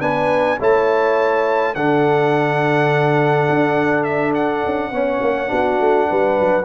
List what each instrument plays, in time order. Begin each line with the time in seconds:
0.00 tuba B3, trombone D4, horn B4, trumpet G#5
0.60 tuba A3, trombone E4, horn C#5, trumpet A5
1.75 tuba D3, trombone D4, horn A4, trumpet F#5
3.50 tuba D4
4.04 trumpet E5
4.35 trumpet F#5
4.66 tuba C#4
4.91 tuba B3, trombone C#4, horn C#5
5.21 tuba A#3
5.47 tuba B3, trombone D4, horn F#4
5.80 tuba A3
6.10 tuba G3, horn B4
6.40 tuba F#3